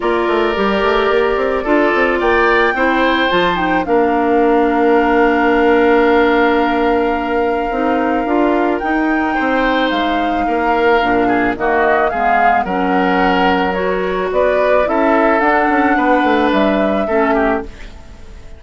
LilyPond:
<<
  \new Staff \with { instrumentName = "flute" } { \time 4/4 \tempo 4 = 109 d''1 | g''2 a''8 g''8 f''4~ | f''1~ | f''1 |
g''2 f''2~ | f''4 dis''4 f''4 fis''4~ | fis''4 cis''4 d''4 e''4 | fis''2 e''2 | }
  \new Staff \with { instrumentName = "oboe" } { \time 4/4 ais'2. a'4 | d''4 c''2 ais'4~ | ais'1~ | ais'1~ |
ais'4 c''2 ais'4~ | ais'8 gis'8 fis'4 gis'4 ais'4~ | ais'2 b'4 a'4~ | a'4 b'2 a'8 g'8 | }
  \new Staff \with { instrumentName = "clarinet" } { \time 4/4 f'4 g'2 f'4~ | f'4 e'4 f'8 dis'8 d'4~ | d'1~ | d'2 dis'4 f'4 |
dis'1 | d'4 ais4 b4 cis'4~ | cis'4 fis'2 e'4 | d'2. cis'4 | }
  \new Staff \with { instrumentName = "bassoon" } { \time 4/4 ais8 a8 g8 a8 ais8 c'8 d'8 c'8 | ais4 c'4 f4 ais4~ | ais1~ | ais2 c'4 d'4 |
dis'4 c'4 gis4 ais4 | ais,4 dis4 gis4 fis4~ | fis2 b4 cis'4 | d'8 cis'8 b8 a8 g4 a4 | }
>>